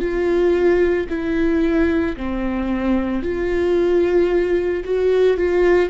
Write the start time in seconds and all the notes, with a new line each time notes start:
0.00 F4
1.10 E4
2.17 C4
3.23 F4
4.85 F#4
5.37 F4